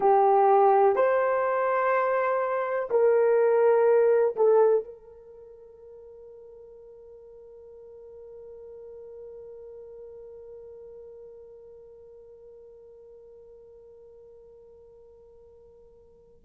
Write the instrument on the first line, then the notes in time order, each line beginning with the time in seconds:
horn
0.00 G4
0.95 C5
2.90 A#4
4.35 A4
4.84 A#4